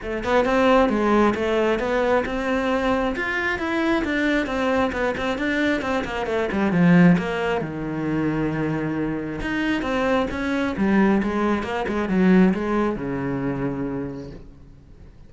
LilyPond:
\new Staff \with { instrumentName = "cello" } { \time 4/4 \tempo 4 = 134 a8 b8 c'4 gis4 a4 | b4 c'2 f'4 | e'4 d'4 c'4 b8 c'8 | d'4 c'8 ais8 a8 g8 f4 |
ais4 dis2.~ | dis4 dis'4 c'4 cis'4 | g4 gis4 ais8 gis8 fis4 | gis4 cis2. | }